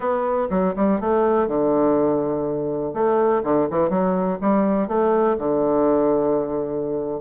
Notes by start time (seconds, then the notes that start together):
0.00 B3
0.50 F#3
0.76 G3
1.00 A3
1.47 D3
2.93 A3
3.43 D3
3.70 E3
3.89 F#3
4.41 G3
4.88 A3
5.38 D3